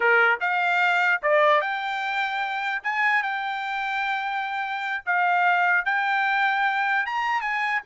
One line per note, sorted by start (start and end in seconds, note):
0.00 0.39 A#4
0.40 1.21 F5
1.22 1.61 D5
1.61 2.82 G5
2.83 3.22 G#5
3.22 5.03 G5
5.05 5.85 F5
5.85 7.06 G5
7.06 7.41 A#5
7.41 7.81 G#5